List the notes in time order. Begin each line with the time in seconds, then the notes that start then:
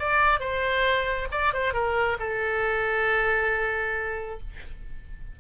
0.00 D5
0.40 C5
1.32 D5
1.54 C5
1.74 A#4
2.20 A4